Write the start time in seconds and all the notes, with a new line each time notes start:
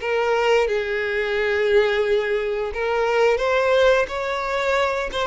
0.00 A#4
0.67 G#4
2.73 A#4
3.37 C5
4.08 C#5
5.12 C5